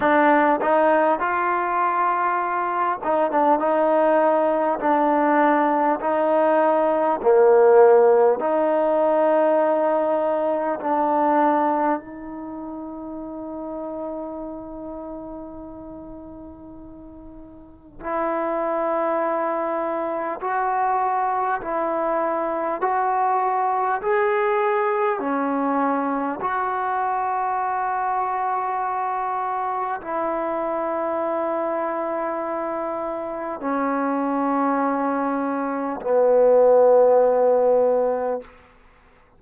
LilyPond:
\new Staff \with { instrumentName = "trombone" } { \time 4/4 \tempo 4 = 50 d'8 dis'8 f'4. dis'16 d'16 dis'4 | d'4 dis'4 ais4 dis'4~ | dis'4 d'4 dis'2~ | dis'2. e'4~ |
e'4 fis'4 e'4 fis'4 | gis'4 cis'4 fis'2~ | fis'4 e'2. | cis'2 b2 | }